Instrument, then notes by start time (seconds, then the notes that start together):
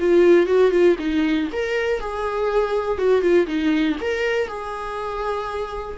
viola
0.00 F4
0.47 F#4
0.71 F4
0.99 D#4
1.52 A#4
2.00 G#4
2.98 F#4
3.21 F4
3.47 D#4
4.01 A#4
4.48 G#4